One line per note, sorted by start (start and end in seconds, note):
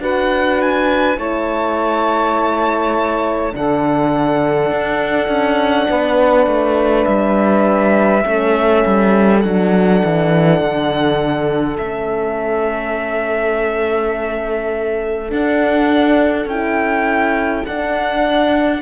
0.00 1.18 D4
0.00 1.17 F#4
0.00 1.18 B4
0.00 0.62 F#5
0.62 1.19 G#5
1.17 3.53 A3
1.17 3.52 E4
1.17 3.53 C#5
1.17 3.55 A5
3.52 4.71 D3
3.52 8.23 D4
3.52 5.89 A4
3.52 7.05 F#5
4.71 5.28 D4
5.28 5.87 C#4
5.89 6.47 B3
5.89 8.25 B4
6.47 7.06 A3
7.05 8.25 G3
7.05 9.40 E5
8.25 8.85 A3
8.25 9.42 C#4
8.25 18.82 A4
8.86 9.44 G3
9.41 10.03 F#3
9.41 11.78 D4
9.41 11.77 F#5
10.04 10.61 E3
10.61 11.78 D3
11.78 15.32 A3
11.78 15.29 C#4
11.78 15.31 E5
15.29 16.47 D4
15.29 16.46 D4
15.29 16.49 F#5
16.46 17.63 C#4
16.46 17.68 E4
16.46 17.66 G5
17.66 18.82 D4
17.66 18.82 F#5